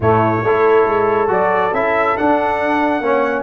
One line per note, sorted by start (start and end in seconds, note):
0.00 0.42 A2
0.00 0.45 A3
0.00 0.44 E4
0.00 1.30 C#5
0.43 0.86 A3
0.43 1.27 E4
0.43 3.03 A4
0.86 1.29 G#3
1.27 1.72 F#3
1.27 1.70 F#4
1.27 1.74 D5
1.73 2.16 C#4
1.73 2.17 E4
1.73 2.17 E5
2.17 3.02 D4
2.17 3.00 D4
2.17 3.43 F#5
3.00 3.43 A#3
3.00 3.43 C#4
3.00 3.43 C#5